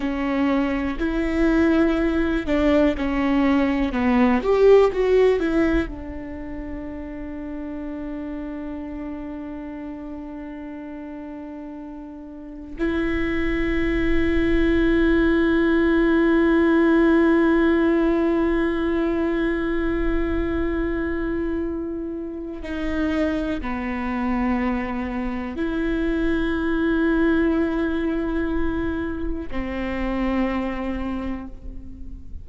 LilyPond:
\new Staff \with { instrumentName = "viola" } { \time 4/4 \tempo 4 = 61 cis'4 e'4. d'8 cis'4 | b8 g'8 fis'8 e'8 d'2~ | d'1~ | d'4 e'2.~ |
e'1~ | e'2. dis'4 | b2 e'2~ | e'2 c'2 | }